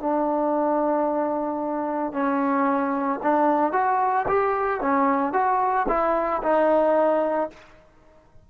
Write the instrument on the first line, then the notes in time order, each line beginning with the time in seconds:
trombone
0.00 D4
2.13 C#4
3.23 D4
3.73 F#4
4.28 G4
4.81 C#4
5.33 F#4
5.88 E4
6.43 D#4